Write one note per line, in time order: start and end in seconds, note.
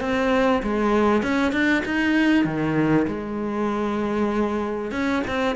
0.00 0.62 C4
0.62 1.22 G#3
1.22 1.52 C#4
1.52 1.83 D4
1.85 2.44 D#4
2.44 3.06 D#3
3.07 4.91 G#3
4.91 5.22 C#4
5.27 5.56 C4